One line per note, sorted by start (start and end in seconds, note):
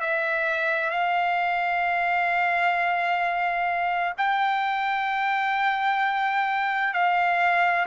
0.00 0.90 E5
0.90 4.13 F5
4.17 6.94 G5
6.94 7.86 F5